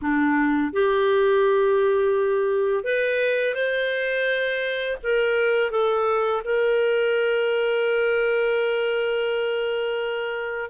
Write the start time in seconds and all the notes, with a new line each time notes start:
0.01 D4
0.72 G4
2.84 B4
3.54 C5
5.03 A#4
5.70 A4
6.44 A#4